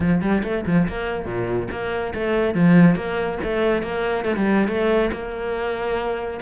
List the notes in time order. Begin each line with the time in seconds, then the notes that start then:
0.00 F3
0.21 G3
0.43 A3
0.66 F3
0.88 A#3
1.25 A#2
1.71 A#3
2.14 A3
2.54 F3
2.95 A#3
3.43 A3
3.82 A#3
4.24 A3
4.36 G3
4.68 A3
5.12 A#3